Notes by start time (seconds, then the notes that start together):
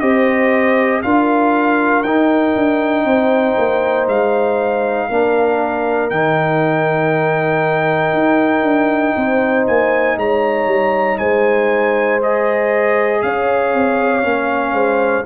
0.00 C4 G4 C5 D#5
1.03 D4 F4 A#4 F5
2.03 D#4 G5
2.56 D4
3.05 C4 C5
3.58 A#3
4.07 G#3 F5
5.09 A#3 D4 A#4
6.10 D#3 D#4 G5
8.13 D#4
8.63 D4
9.17 C4 C5
9.67 A#3 G#5
10.17 G#3 C#5 A#5
10.67 G3
11.18 G#3 C5 G#5
12.22 G#4 D#5
13.22 C#4 C#5 F5
13.74 C4
14.23 A#3 C#4
14.73 G#3 C5